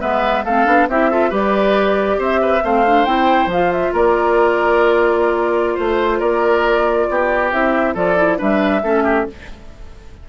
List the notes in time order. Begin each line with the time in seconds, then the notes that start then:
0.00 G#3 B3 B4 E5
0.44 A3 C4 A4 F5
0.65 B3 D4
0.88 C4 E4 G4 E5
1.10 F4 A4
1.29 G3 G4 B4 D5
2.18 C4 C5 E5
2.41 B4
2.63 A3 C4 C5 F5
2.86 D4
3.05 C4 E4 G5
3.46 F3
3.52 F4 F5
3.72 E5
3.93 A#3 A#4 D5
5.74 A3 C5
6.19 A#3 A#4 D5
7.09 B3 G4
7.51 C4 E4 E5
7.94 F3 F4 A4 D5
8.16 E4
8.37 G3 D4 B4 E5
8.82 A3 C#4 A4
9.03 G4